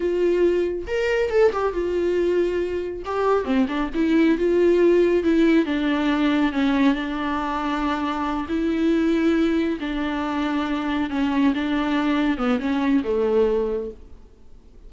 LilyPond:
\new Staff \with { instrumentName = "viola" } { \time 4/4 \tempo 4 = 138 f'2 ais'4 a'8 g'8 | f'2. g'4 | c'8 d'8 e'4 f'2 | e'4 d'2 cis'4 |
d'2.~ d'8 e'8~ | e'2~ e'8 d'4.~ | d'4. cis'4 d'4.~ | d'8 b8 cis'4 a2 | }